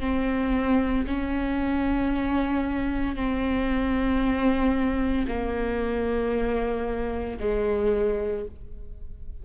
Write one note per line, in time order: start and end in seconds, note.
0.00 1.05 C4
1.07 3.16 C#4
3.16 5.26 C4
5.28 7.38 A#3
7.40 8.45 G#3